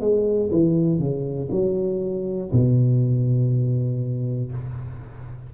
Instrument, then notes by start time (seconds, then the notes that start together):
tuba
0.00 G#3
0.50 E3
0.99 C#3
1.51 F#3
2.51 B2